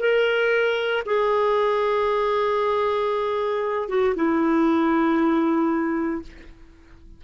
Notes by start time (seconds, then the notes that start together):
0.00 A#4
1.06 G#4
3.89 F#4
4.16 E4